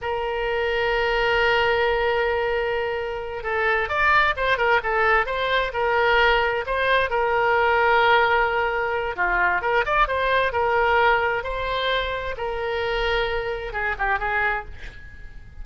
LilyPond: \new Staff \with { instrumentName = "oboe" } { \time 4/4 \tempo 4 = 131 ais'1~ | ais'2.~ ais'8 a'8~ | a'8 d''4 c''8 ais'8 a'4 c''8~ | c''8 ais'2 c''4 ais'8~ |
ais'1 | f'4 ais'8 d''8 c''4 ais'4~ | ais'4 c''2 ais'4~ | ais'2 gis'8 g'8 gis'4 | }